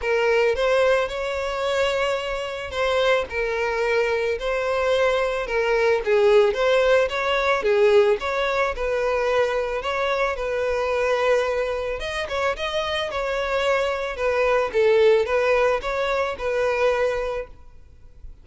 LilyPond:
\new Staff \with { instrumentName = "violin" } { \time 4/4 \tempo 4 = 110 ais'4 c''4 cis''2~ | cis''4 c''4 ais'2 | c''2 ais'4 gis'4 | c''4 cis''4 gis'4 cis''4 |
b'2 cis''4 b'4~ | b'2 dis''8 cis''8 dis''4 | cis''2 b'4 a'4 | b'4 cis''4 b'2 | }